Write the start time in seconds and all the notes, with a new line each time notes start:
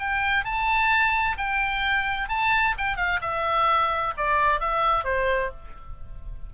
0.00 G5
0.45 A5
1.38 G5
2.29 A5
2.78 G5
2.97 F5
3.22 E5
4.17 D5
4.61 E5
5.05 C5